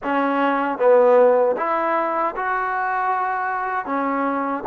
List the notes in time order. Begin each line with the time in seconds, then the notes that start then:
0.03 C#4
0.78 B3
1.56 E4
2.36 F#4
3.85 C#4